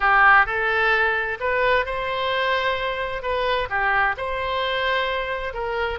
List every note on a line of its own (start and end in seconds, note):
0.00 0.46 G4
0.46 1.38 A4
1.40 1.85 B4
1.85 3.22 C5
3.22 3.68 B4
3.69 4.15 G4
4.17 5.53 C5
5.53 5.99 A#4